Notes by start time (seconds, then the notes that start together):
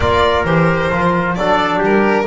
0.00 A#3 F4 A#4 D5
0.44 E3 G4 C5
0.90 F3 F4
1.35 F#3 D4 A4 D5
1.78 G3 G4
1.84 A#4